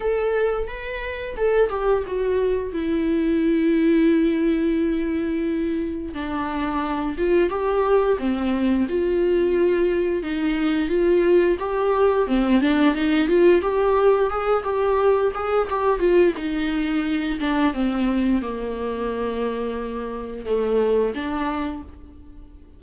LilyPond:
\new Staff \with { instrumentName = "viola" } { \time 4/4 \tempo 4 = 88 a'4 b'4 a'8 g'8 fis'4 | e'1~ | e'4 d'4. f'8 g'4 | c'4 f'2 dis'4 |
f'4 g'4 c'8 d'8 dis'8 f'8 | g'4 gis'8 g'4 gis'8 g'8 f'8 | dis'4. d'8 c'4 ais4~ | ais2 a4 d'4 | }